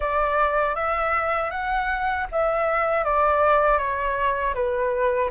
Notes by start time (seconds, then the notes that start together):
0.00 D5
0.75 E5
1.51 F#5
2.31 E5
3.04 D5
3.78 C#5
4.54 B4